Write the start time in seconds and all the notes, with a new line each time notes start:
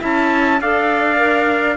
0.00 C#4 E4 E5 A5
0.61 D4 A4 D5 F5
1.17 A#4